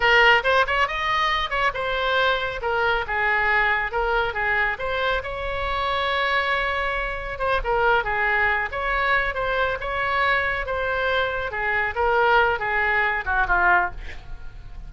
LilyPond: \new Staff \with { instrumentName = "oboe" } { \time 4/4 \tempo 4 = 138 ais'4 c''8 cis''8 dis''4. cis''8 | c''2 ais'4 gis'4~ | gis'4 ais'4 gis'4 c''4 | cis''1~ |
cis''4 c''8 ais'4 gis'4. | cis''4. c''4 cis''4.~ | cis''8 c''2 gis'4 ais'8~ | ais'4 gis'4. fis'8 f'4 | }